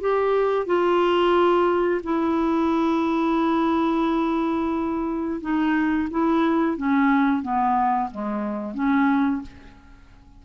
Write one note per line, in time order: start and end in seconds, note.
0.00 0.66 G4
0.66 2.01 F4
2.03 5.40 E4
5.41 6.08 D#4
6.10 6.77 E4
6.77 7.42 C#4
7.42 8.10 B3
8.11 8.74 G#3
8.74 9.41 C#4